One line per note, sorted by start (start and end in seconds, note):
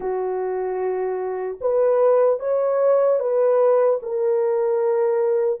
0.00 1.58 F#4
1.60 2.39 B4
2.39 3.19 C#5
3.19 3.99 B4
4.02 5.60 A#4